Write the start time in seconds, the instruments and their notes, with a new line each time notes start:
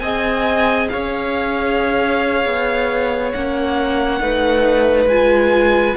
0.00 cello C4, viola G#4, violin D#5 G#5
0.89 cello C#4, violin C#5 F5
2.46 cello B3
3.33 cello A#3, viola C#4, violin F#5
4.20 cello A3, viola D#4, violin B4
5.06 cello G#3, viola F4, violin G#5